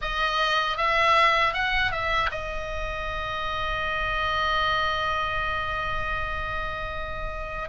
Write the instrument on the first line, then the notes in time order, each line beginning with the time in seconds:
oboe
0.01 D#5
0.77 E5
1.53 F#5
1.91 E5
2.31 D#5